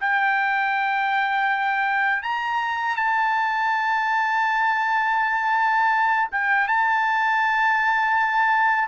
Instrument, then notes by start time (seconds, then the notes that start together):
trumpet
0.00 G5
2.22 A#5
2.96 A5
6.31 G5
6.67 A5